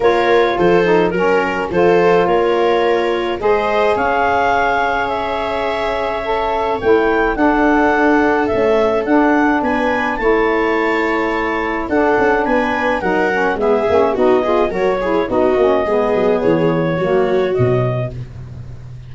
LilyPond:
<<
  \new Staff \with { instrumentName = "clarinet" } { \time 4/4 \tempo 4 = 106 cis''4 c''4 ais'4 c''4 | cis''2 dis''4 f''4~ | f''4 e''2. | g''4 fis''2 e''4 |
fis''4 gis''4 a''2~ | a''4 fis''4 gis''4 fis''4 | e''4 dis''4 cis''4 dis''4~ | dis''4 cis''2 dis''4 | }
  \new Staff \with { instrumentName = "viola" } { \time 4/4 ais'4 a'4 ais'4 a'4 | ais'2 c''4 cis''4~ | cis''1~ | cis''4 a'2.~ |
a'4 b'4 cis''2~ | cis''4 a'4 b'4 ais'4 | gis'4 fis'8 gis'8 ais'8 gis'8 fis'4 | gis'2 fis'2 | }
  \new Staff \with { instrumentName = "saxophone" } { \time 4/4 f'4. dis'8 cis'4 f'4~ | f'2 gis'2~ | gis'2. a'4 | e'4 d'2 a4 |
d'2 e'2~ | e'4 d'2 dis'8 cis'8 | b8 cis'8 dis'8 f'8 fis'8 e'8 dis'8 cis'8 | b2 ais4 fis4 | }
  \new Staff \with { instrumentName = "tuba" } { \time 4/4 ais4 f4 fis4 f4 | ais2 gis4 cis'4~ | cis'1 | a4 d'2 cis'4 |
d'4 b4 a2~ | a4 d'8 cis'8 b4 fis4 | gis8 ais8 b4 fis4 b8 ais8 | gis8 fis8 e4 fis4 b,4 | }
>>